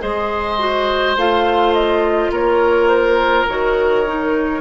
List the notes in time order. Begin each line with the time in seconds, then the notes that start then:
0.00 G#3 G#4 C5 D#5
0.58 F#4
1.16 A3 F4 F5
1.73 D#5
2.31 A#3 A#4 C#5
2.88 C5
3.48 D#3 F#4 C#5
4.06 D#4